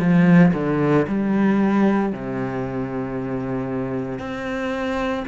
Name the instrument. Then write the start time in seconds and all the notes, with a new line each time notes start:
cello
0.00 F3
0.54 D3
1.08 G3
2.13 C3
4.20 C4